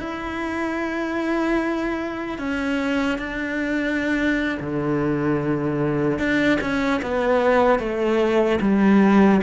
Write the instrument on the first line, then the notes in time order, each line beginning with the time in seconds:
cello
0.00 E4
2.39 C#4
3.19 D4
4.60 D3
6.19 D4
6.61 C#4
7.02 B3
7.80 A3
8.61 G3